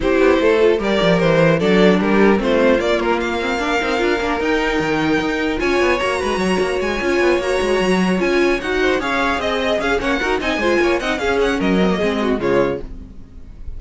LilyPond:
<<
  \new Staff \with { instrumentName = "violin" } { \time 4/4 \tempo 4 = 150 c''2 d''4 c''4 | d''4 ais'4 c''4 d''8 ais'8 | f''2. g''4~ | g''2 gis''4 ais''4~ |
ais''4 gis''4. ais''4.~ | ais''8 gis''4 fis''4 f''4 dis''8~ | dis''8 f''8 fis''4 gis''4. fis''8 | f''8 fis''8 dis''2 cis''4 | }
  \new Staff \with { instrumentName = "violin" } { \time 4/4 g'4 a'4 ais'2 | a'4 g'4 f'2~ | f'4 ais'2.~ | ais'2 cis''4. b'8 |
cis''1~ | cis''2 c''8 cis''4 dis''8~ | dis''8 gis'8 cis''8 ais'8 dis''8 c''8 cis''8 dis''8 | gis'4 ais'4 gis'8 fis'8 f'4 | }
  \new Staff \with { instrumentName = "viola" } { \time 4/4 e'4. f'8 g'2 | d'2 c'4 ais4~ | ais8 c'8 d'8 dis'8 f'8 d'8 dis'4~ | dis'2 f'4 fis'4~ |
fis'4. f'4 fis'4.~ | fis'8 f'4 fis'4 gis'4.~ | gis'4 cis'8 fis'8 dis'8 f'4 dis'8 | cis'4. c'16 ais16 c'4 gis4 | }
  \new Staff \with { instrumentName = "cello" } { \time 4/4 c'8 b8 a4 g8 f8 e4 | fis4 g4 a4 ais4~ | ais4. c'8 d'8 ais8 dis'4 | dis4 dis'4 cis'8 b8 ais8 gis8 |
fis8 ais8 gis8 cis'8 b8 ais8 gis8 fis8~ | fis8 cis'4 dis'4 cis'4 c'8~ | c'8 cis'8 ais8 dis'8 c'8 gis8 ais8 c'8 | cis'4 fis4 gis4 cis4 | }
>>